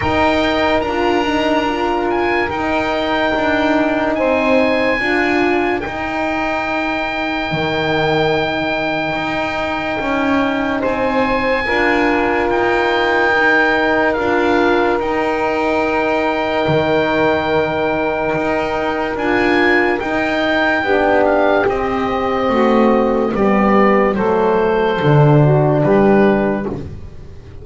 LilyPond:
<<
  \new Staff \with { instrumentName = "oboe" } { \time 4/4 \tempo 4 = 72 g''4 ais''4. gis''8 g''4~ | g''4 gis''2 g''4~ | g''1~ | g''4 gis''2 g''4~ |
g''4 f''4 g''2~ | g''2. gis''4 | g''4. f''8 dis''2 | d''4 c''2 b'4 | }
  \new Staff \with { instrumentName = "saxophone" } { \time 4/4 ais'1~ | ais'4 c''4 ais'2~ | ais'1~ | ais'4 c''4 ais'2~ |
ais'1~ | ais'1~ | ais'4 g'2 fis'4 | g'4 a'4. fis'8 g'4 | }
  \new Staff \with { instrumentName = "horn" } { \time 4/4 dis'4 f'8 dis'8 f'4 dis'4~ | dis'2 f'4 dis'4~ | dis'1~ | dis'2 f'2 |
dis'4 f'4 dis'2~ | dis'2. f'4 | dis'4 d'4 c'2 | b4 a4 d'2 | }
  \new Staff \with { instrumentName = "double bass" } { \time 4/4 dis'4 d'2 dis'4 | d'4 c'4 d'4 dis'4~ | dis'4 dis2 dis'4 | cis'4 c'4 d'4 dis'4~ |
dis'4 d'4 dis'2 | dis2 dis'4 d'4 | dis'4 b4 c'4 a4 | g4 fis4 d4 g4 | }
>>